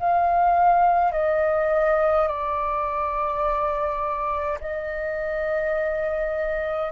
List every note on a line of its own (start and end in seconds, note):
0.00 1.13 F5
1.13 2.28 D#5
2.28 4.59 D5
4.61 6.92 D#5